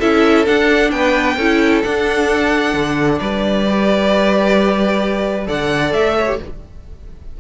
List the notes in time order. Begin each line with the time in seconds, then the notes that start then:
0.00 C#4 E4 A4 E5
0.45 D4 F#5
0.91 B3 B4 G5
1.37 C#4 E4 A4
1.83 D4 F#5
2.74 D3
3.19 G3 B4 D5
3.66 G4
5.46 D3 A4 D5 F#5
5.93 A3 E5
6.18 C#5
6.27 G4